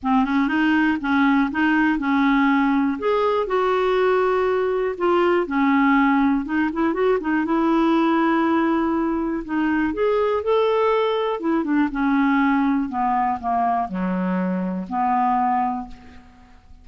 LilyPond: \new Staff \with { instrumentName = "clarinet" } { \time 4/4 \tempo 4 = 121 c'8 cis'8 dis'4 cis'4 dis'4 | cis'2 gis'4 fis'4~ | fis'2 f'4 cis'4~ | cis'4 dis'8 e'8 fis'8 dis'8 e'4~ |
e'2. dis'4 | gis'4 a'2 e'8 d'8 | cis'2 b4 ais4 | fis2 b2 | }